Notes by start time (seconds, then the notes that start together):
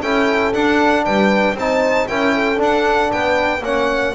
0.00 C#4 E4 A4 G5
0.53 D4 F#5
1.04 G3 B4 G5
1.53 C4 D#4 C5 A5
2.07 C#4 E4 A#4 G5
2.34 A4
2.56 D4
2.62 F#5
3.11 B3 B4 G5
3.60 A#3 C#4 C#5 F#5